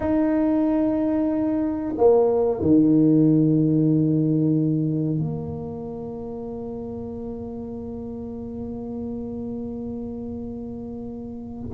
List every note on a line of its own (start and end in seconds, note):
0.00 1.94 D#4
1.97 2.61 A#3
2.61 5.18 D#3
5.18 11.71 A#3